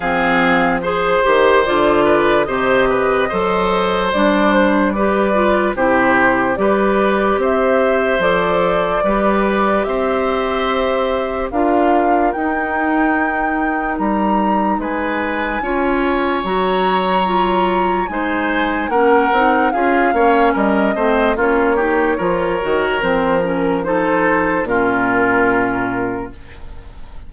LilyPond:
<<
  \new Staff \with { instrumentName = "flute" } { \time 4/4 \tempo 4 = 73 f''4 c''4 d''4 dis''4~ | dis''4 d''8 c''8 d''4 c''4 | d''4 e''4 d''2 | e''2 f''4 g''4~ |
g''4 ais''4 gis''2 | ais''2 gis''4 fis''4 | f''4 dis''4 cis''2 | c''8 ais'8 c''4 ais'2 | }
  \new Staff \with { instrumentName = "oboe" } { \time 4/4 gis'4 c''4. b'8 c''8 b'8 | c''2 b'4 g'4 | b'4 c''2 b'4 | c''2 ais'2~ |
ais'2 b'4 cis''4~ | cis''2 c''4 ais'4 | gis'8 cis''8 ais'8 c''8 f'8 g'8 ais'4~ | ais'4 a'4 f'2 | }
  \new Staff \with { instrumentName = "clarinet" } { \time 4/4 c'4 gis'8 g'8 f'4 g'4 | a'4 d'4 g'8 f'8 e'4 | g'2 a'4 g'4~ | g'2 f'4 dis'4~ |
dis'2. f'4 | fis'4 f'4 dis'4 cis'8 dis'8 | f'8 cis'4 c'8 cis'8 dis'8 f'8 fis'8 | c'8 cis'8 dis'4 cis'2 | }
  \new Staff \with { instrumentName = "bassoon" } { \time 4/4 f4. dis8 d4 c4 | fis4 g2 c4 | g4 c'4 f4 g4 | c'2 d'4 dis'4~ |
dis'4 g4 gis4 cis'4 | fis2 gis4 ais8 c'8 | cis'8 ais8 g8 a8 ais4 f8 dis8 | f2 ais,2 | }
>>